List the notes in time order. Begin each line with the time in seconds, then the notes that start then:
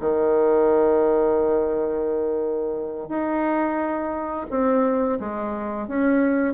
0.00 D#3
3.08 D#4
4.50 C4
5.20 G#3
5.87 C#4